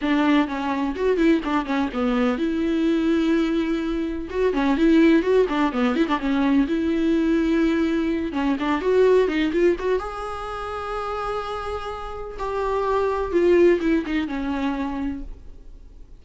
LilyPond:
\new Staff \with { instrumentName = "viola" } { \time 4/4 \tempo 4 = 126 d'4 cis'4 fis'8 e'8 d'8 cis'8 | b4 e'2.~ | e'4 fis'8 cis'8 e'4 fis'8 d'8 | b8 e'16 d'16 cis'4 e'2~ |
e'4. cis'8 d'8 fis'4 dis'8 | f'8 fis'8 gis'2.~ | gis'2 g'2 | f'4 e'8 dis'8 cis'2 | }